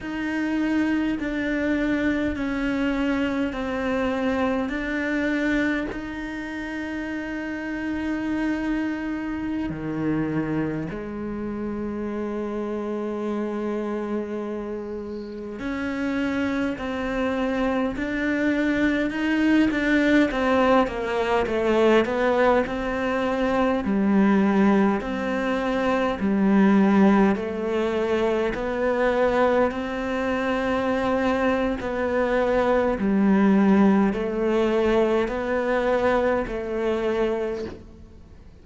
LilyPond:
\new Staff \with { instrumentName = "cello" } { \time 4/4 \tempo 4 = 51 dis'4 d'4 cis'4 c'4 | d'4 dis'2.~ | dis'16 dis4 gis2~ gis8.~ | gis4~ gis16 cis'4 c'4 d'8.~ |
d'16 dis'8 d'8 c'8 ais8 a8 b8 c'8.~ | c'16 g4 c'4 g4 a8.~ | a16 b4 c'4.~ c'16 b4 | g4 a4 b4 a4 | }